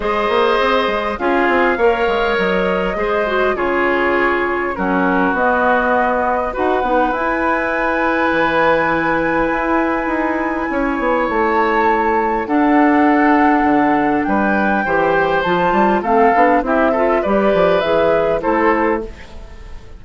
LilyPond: <<
  \new Staff \with { instrumentName = "flute" } { \time 4/4 \tempo 4 = 101 dis''2 f''2 | dis''2 cis''2 | ais'4 dis''2 fis''4 | gis''1~ |
gis''2. a''4~ | a''4 fis''2. | g''2 a''4 f''4 | e''4 d''4 e''4 c''4 | }
  \new Staff \with { instrumentName = "oboe" } { \time 4/4 c''2 gis'4 cis''4~ | cis''4 c''4 gis'2 | fis'2. b'4~ | b'1~ |
b'2 cis''2~ | cis''4 a'2. | b'4 c''2 a'4 | g'8 a'8 b'2 a'4 | }
  \new Staff \with { instrumentName = "clarinet" } { \time 4/4 gis'2 f'4 ais'4~ | ais'4 gis'8 fis'8 f'2 | cis'4 b2 fis'8 dis'8 | e'1~ |
e'1~ | e'4 d'2.~ | d'4 g'4 f'4 c'8 d'8 | e'8 f'8 g'4 gis'4 e'4 | }
  \new Staff \with { instrumentName = "bassoon" } { \time 4/4 gis8 ais8 c'8 gis8 cis'8 c'8 ais8 gis8 | fis4 gis4 cis2 | fis4 b2 dis'8 b8 | e'2 e2 |
e'4 dis'4 cis'8 b8 a4~ | a4 d'2 d4 | g4 e4 f8 g8 a8 b8 | c'4 g8 f8 e4 a4 | }
>>